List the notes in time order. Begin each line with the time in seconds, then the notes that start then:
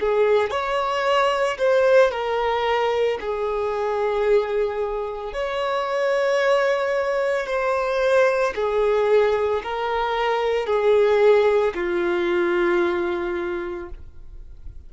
0.00 G#4
0.51 C#5
1.58 C5
2.11 A#4
3.20 G#4
5.33 C#5
7.47 C5
8.55 G#4
9.63 A#4
10.67 G#4
11.75 F4